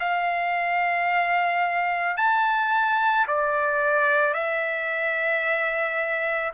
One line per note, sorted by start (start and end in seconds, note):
0.00 2.17 F5
2.17 3.26 A5
3.27 4.34 D5
4.34 6.52 E5